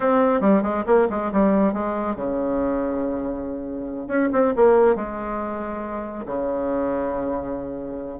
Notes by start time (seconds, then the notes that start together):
0.00 C4
0.41 G3
0.62 G#3
0.86 A#3
1.09 G#3
1.32 G3
1.73 G#3
2.15 C#3
4.07 C#4
4.32 C4
4.55 A#3
4.95 G#3
6.26 C#3